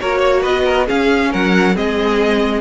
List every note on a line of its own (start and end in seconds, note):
0.00 0.46 A#3
0.00 0.87 F#4
0.00 0.19 A#4
0.00 0.43 C#5
0.19 0.41 C#5
0.41 0.90 B3
0.41 0.63 B4
0.41 0.87 D#5
0.65 0.87 A#4
0.87 1.75 C#4
0.87 1.34 C#4
0.87 1.31 G#4
0.87 1.33 F5
1.32 1.77 F#3
1.32 1.76 A#4
1.32 1.77 F#5
1.75 2.61 G#3
1.75 2.61 C4
1.75 2.61 G#4
1.75 2.61 D#5